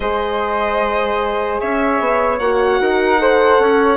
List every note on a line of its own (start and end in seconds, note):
0.00 1.60 G#3
0.00 2.40 G#4
0.00 1.60 C5
0.00 1.60 D#5
1.60 2.00 C#4
1.60 2.80 C#5
1.60 2.38 E5
2.00 2.39 B3
2.38 2.79 A#3
2.38 3.18 F#4
2.38 3.97 F#5
2.80 3.59 D#4
2.80 3.20 A#4
3.18 3.97 A4
3.18 3.61 C5
3.59 3.97 C#4
3.59 3.97 C#5